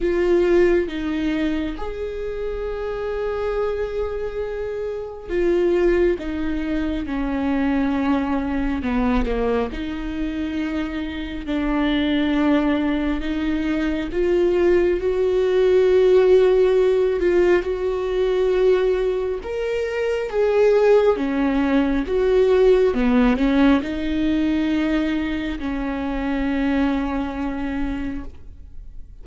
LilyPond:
\new Staff \with { instrumentName = "viola" } { \time 4/4 \tempo 4 = 68 f'4 dis'4 gis'2~ | gis'2 f'4 dis'4 | cis'2 b8 ais8 dis'4~ | dis'4 d'2 dis'4 |
f'4 fis'2~ fis'8 f'8 | fis'2 ais'4 gis'4 | cis'4 fis'4 b8 cis'8 dis'4~ | dis'4 cis'2. | }